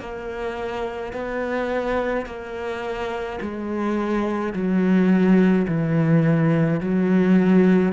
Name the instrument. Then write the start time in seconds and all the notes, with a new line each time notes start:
cello
0.00 A#3
1.13 B3
2.26 A#3
3.41 G#3
4.53 F#3
5.68 E3
6.80 F#3